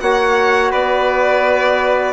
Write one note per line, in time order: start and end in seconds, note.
0.00 0.73 A#3
0.00 2.14 F#4
0.00 0.72 C#5
0.00 0.72 F#5
0.72 2.14 B3
0.72 2.14 B4
0.72 2.14 D5